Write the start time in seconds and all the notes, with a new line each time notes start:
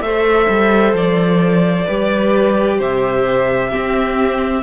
0.00 A3 A4 C5 E5
0.48 G3
0.93 F3 D5
1.86 G3 G4 B4
2.77 C3 C5 E5
3.70 C4 G4